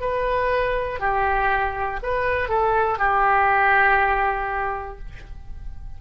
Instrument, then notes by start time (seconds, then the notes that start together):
oboe
0.00 B4
1.00 G4
2.02 B4
2.49 A4
2.98 G4